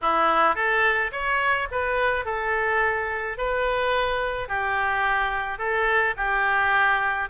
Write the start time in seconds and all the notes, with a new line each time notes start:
0.01 E4
0.55 A4
1.11 C#5
1.71 B4
2.25 A4
3.37 B4
4.48 G4
5.58 A4
6.17 G4